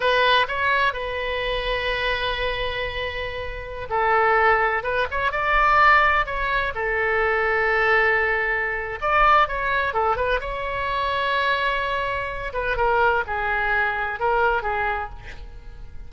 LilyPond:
\new Staff \with { instrumentName = "oboe" } { \time 4/4 \tempo 4 = 127 b'4 cis''4 b'2~ | b'1~ | b'16 a'2 b'8 cis''8 d''8.~ | d''4~ d''16 cis''4 a'4.~ a'16~ |
a'2. d''4 | cis''4 a'8 b'8 cis''2~ | cis''2~ cis''8 b'8 ais'4 | gis'2 ais'4 gis'4 | }